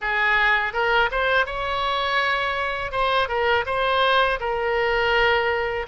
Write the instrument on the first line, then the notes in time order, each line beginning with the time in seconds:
oboe
0.01 G#4
0.73 A#4
1.11 C5
1.45 C#5
2.91 C5
3.28 A#4
3.66 C5
4.39 A#4